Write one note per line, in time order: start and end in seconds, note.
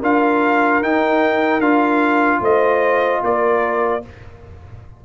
0.00 0.83 D4
0.00 0.83 F4
0.00 2.40 A#4
0.00 0.83 F5
0.83 1.60 D#4
0.83 1.62 D#4
0.83 1.61 G5
1.60 2.40 D4
1.60 4.03 F4
1.60 2.41 F5
2.41 3.21 A3
2.41 3.22 C5
2.41 3.24 D#5
3.24 4.04 A#3
3.24 4.05 A#4
3.24 4.05 D5